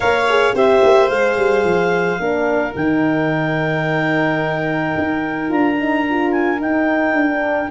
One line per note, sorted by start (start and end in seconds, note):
0.00 0.54 A#3
0.00 0.27 A#4
0.00 0.54 C#5
0.00 0.55 F5
0.29 0.54 G#4
0.54 0.82 C4
0.54 1.08 G4
0.54 2.19 C5
0.54 1.09 E5
0.83 1.10 A#3
1.08 1.37 G#3
1.08 2.19 G#4
1.08 2.74 F5
1.37 1.64 G3
1.64 2.19 F3
2.19 2.74 A#3
2.19 2.75 D4
2.19 7.70 A#4
2.75 4.95 D#3
2.75 5.48 D#4
2.75 5.50 G5
4.97 5.51 D#4
5.48 6.60 D4
5.48 5.75 F4
5.48 6.31 A#5
5.79 6.06 D#4
6.09 6.59 F4
6.31 6.59 G#5
6.59 7.28 D#4
6.59 7.13 D#4
6.59 7.70 G5
7.13 7.68 D4
7.28 7.69 D4